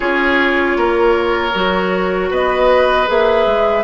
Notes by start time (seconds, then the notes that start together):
0.00 C#4 F4 G#4 C#5
0.76 A#3 A#4
1.54 F#3 F#4
2.30 B3 B4 D#5
3.06 A#3 G#4 E5
3.46 G#3